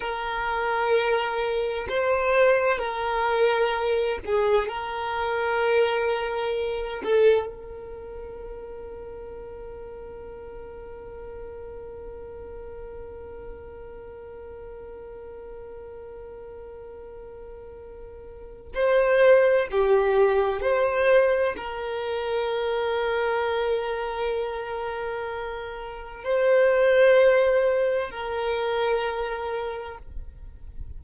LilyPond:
\new Staff \with { instrumentName = "violin" } { \time 4/4 \tempo 4 = 64 ais'2 c''4 ais'4~ | ais'8 gis'8 ais'2~ ais'8 a'8 | ais'1~ | ais'1~ |
ais'1 | c''4 g'4 c''4 ais'4~ | ais'1 | c''2 ais'2 | }